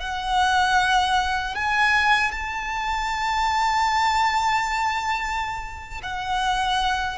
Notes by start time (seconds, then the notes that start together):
0.00 F#5
1.55 G#5
2.32 A5
6.03 F#5